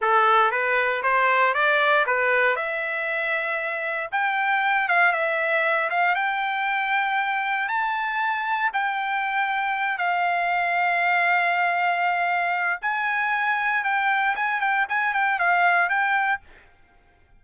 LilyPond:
\new Staff \with { instrumentName = "trumpet" } { \time 4/4 \tempo 4 = 117 a'4 b'4 c''4 d''4 | b'4 e''2. | g''4. f''8 e''4. f''8 | g''2. a''4~ |
a''4 g''2~ g''8 f''8~ | f''1~ | f''4 gis''2 g''4 | gis''8 g''8 gis''8 g''8 f''4 g''4 | }